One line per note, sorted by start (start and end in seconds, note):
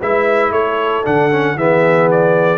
0.00 0.51 G#3
0.00 1.04 E4
0.00 0.52 B4
0.00 0.53 E5
0.51 1.03 A3
0.51 1.57 A4
0.51 1.05 C#5
1.04 1.56 D3
1.04 1.30 D4
1.04 1.58 F#5
1.31 1.57 C#4
1.56 2.58 E3
1.56 2.58 B3
1.56 2.58 G#4
1.56 2.10 E5
2.11 2.58 D5